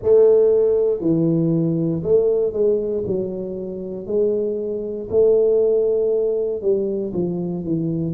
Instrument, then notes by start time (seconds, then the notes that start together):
tuba
0.02 A3
1.00 E3
2.03 A3
2.52 G#3
3.06 F#3
4.06 G#3
5.10 A3
6.61 G3
7.13 F3
7.64 E3